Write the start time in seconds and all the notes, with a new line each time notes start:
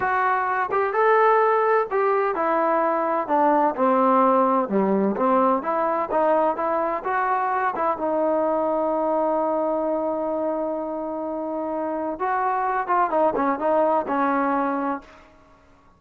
0.00 F#4
0.71 G4
0.93 A4
1.90 G4
2.35 E4
3.27 D4
3.75 C4
4.69 G3
5.16 C4
5.62 E4
6.11 D#4
6.56 E4
7.04 F#4
7.75 E4
7.97 D#4
12.19 F#4
12.87 F4
13.10 D#4
13.35 C#4
13.59 D#4
14.07 C#4